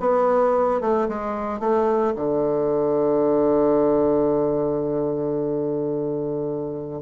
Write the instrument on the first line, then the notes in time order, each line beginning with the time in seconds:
bassoon
0.00 B3
0.81 A3
1.08 G#3
1.59 A3
2.15 D3